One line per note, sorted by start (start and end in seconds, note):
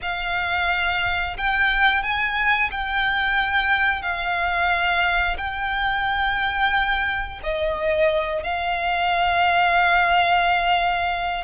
0.02 1.37 F5
1.37 2.02 G5
2.02 2.70 G#5
2.71 4.01 G5
4.01 5.36 F5
5.37 7.40 G5
7.43 8.43 D#5
8.43 11.44 F5